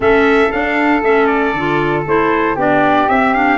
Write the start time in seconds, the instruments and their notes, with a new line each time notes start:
0.00 tuba A3, clarinet C#4, flute A4, trumpet E5
0.51 clarinet D4, tuba D4, trumpet F5
1.02 tuba A3, clarinet C#4, trumpet E5
1.26 trumpet D5
1.53 tuba D3, clarinet F4
2.06 tuba A3, clarinet E4, trumpet C5
2.55 tuba B3, clarinet D4, flute G4, trumpet D5
3.08 tuba C4, clarinet C4, trumpet E5
3.33 clarinet D4, trumpet F5